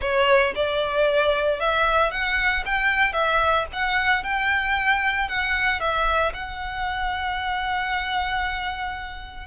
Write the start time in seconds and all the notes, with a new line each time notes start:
0.01 C#5
0.55 D5
1.60 E5
2.11 F#5
2.65 G5
3.12 E5
3.72 F#5
4.23 G5
5.28 F#5
5.80 E5
6.33 F#5